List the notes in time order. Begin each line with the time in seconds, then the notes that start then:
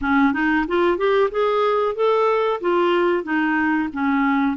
0.01 C#4
0.33 D#4
0.67 F4
0.97 G4
1.30 G#4
1.95 A4
2.61 F4
3.23 D#4
3.92 C#4